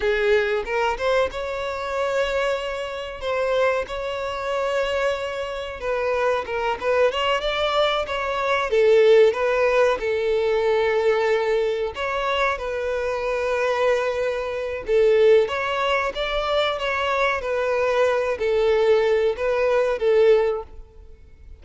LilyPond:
\new Staff \with { instrumentName = "violin" } { \time 4/4 \tempo 4 = 93 gis'4 ais'8 c''8 cis''2~ | cis''4 c''4 cis''2~ | cis''4 b'4 ais'8 b'8 cis''8 d''8~ | d''8 cis''4 a'4 b'4 a'8~ |
a'2~ a'8 cis''4 b'8~ | b'2. a'4 | cis''4 d''4 cis''4 b'4~ | b'8 a'4. b'4 a'4 | }